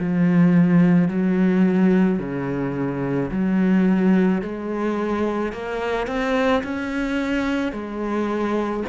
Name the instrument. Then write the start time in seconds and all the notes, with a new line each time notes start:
cello
0.00 F3
1.09 F#3
2.20 C#3
3.31 F#3
4.42 G#3
5.53 A#3
6.07 C4
6.64 C#4
7.73 G#3